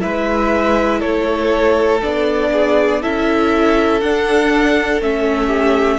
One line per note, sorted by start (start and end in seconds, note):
0.00 1.02 G#3
0.00 2.00 E4
0.00 0.99 B4
0.00 1.00 E5
0.99 2.02 A3
0.99 2.49 A4
0.99 2.00 C#5
2.02 3.04 B3
2.02 3.02 D4
2.02 3.02 D5
2.52 3.02 G#4
3.02 4.01 C#4
3.02 4.02 E4
3.02 5.47 A4
3.02 4.01 E5
4.01 5.01 D4
4.01 5.01 F#5
5.01 5.99 A3
5.01 5.99 C#4
5.01 5.99 E5
5.47 5.97 G4